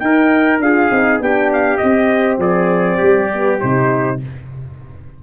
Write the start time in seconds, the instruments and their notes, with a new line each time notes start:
0.00 tuba D#4, horn D#4, trumpet A#4 G5
0.60 tuba D4, horn F4, trumpet G#4 F5
0.91 tuba C4, horn D#4
1.20 tuba B3, horn D4, trumpet G4 G5
1.53 trumpet F5
1.78 horn C4, tuba C4, trumpet D#5
2.38 tuba F3, trumpet G#4 D5
2.98 tuba G3, trumpet G4
3.34 horn B3
3.61 tuba C3, horn D#4, trumpet C5